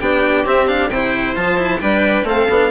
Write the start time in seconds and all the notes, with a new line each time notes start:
0.00 B3 D4 G4 G5
0.45 C4 E5
0.67 D4 F5
0.89 C3 E4 C5 G5
1.36 F3 F4 A5
1.57 E4
1.80 G3 D4 B4 G5
2.24 A3 C4 A4 F5
2.49 B3 D4